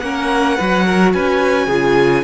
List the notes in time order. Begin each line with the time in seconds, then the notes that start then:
0.00 A#3 C#4 A#4 F#5
0.57 F#3 F#4 B4
0.85 A#4
1.13 C#4 B4 G#5
1.67 C#3 F4 G#4